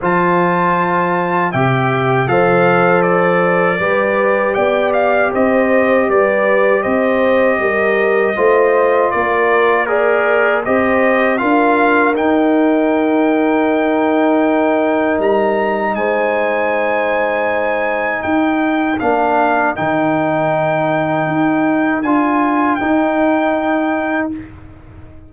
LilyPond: <<
  \new Staff \with { instrumentName = "trumpet" } { \time 4/4 \tempo 4 = 79 a''2 g''4 f''4 | d''2 g''8 f''8 dis''4 | d''4 dis''2. | d''4 ais'4 dis''4 f''4 |
g''1 | ais''4 gis''2. | g''4 f''4 g''2~ | g''4 gis''4 g''2 | }
  \new Staff \with { instrumentName = "horn" } { \time 4/4 c''2 e''4 c''4~ | c''4 b'4 d''4 c''4 | b'4 c''4 ais'4 c''4 | ais'4 d''4 c''4 ais'4~ |
ais'1~ | ais'4 c''2. | ais'1~ | ais'1 | }
  \new Staff \with { instrumentName = "trombone" } { \time 4/4 f'2 g'4 a'4~ | a'4 g'2.~ | g'2. f'4~ | f'4 gis'4 g'4 f'4 |
dis'1~ | dis'1~ | dis'4 d'4 dis'2~ | dis'4 f'4 dis'2 | }
  \new Staff \with { instrumentName = "tuba" } { \time 4/4 f2 c4 f4~ | f4 g4 b4 c'4 | g4 c'4 g4 a4 | ais2 c'4 d'4 |
dis'1 | g4 gis2. | dis'4 ais4 dis2 | dis'4 d'4 dis'2 | }
>>